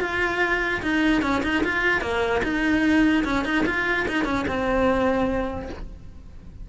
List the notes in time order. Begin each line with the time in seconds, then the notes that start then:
0.00 F4
0.82 D#4
1.22 C#4
1.43 D#4
1.63 F4
2.01 A#3
2.43 D#4
3.24 C#4
3.44 D#4
3.66 F4
4.08 D#4
4.25 C#4
4.47 C4